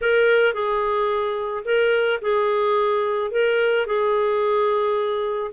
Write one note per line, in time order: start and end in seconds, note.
0.01 0.53 A#4
0.53 1.63 G#4
1.65 2.20 A#4
2.21 3.31 G#4
3.31 3.86 A#4
3.86 5.51 G#4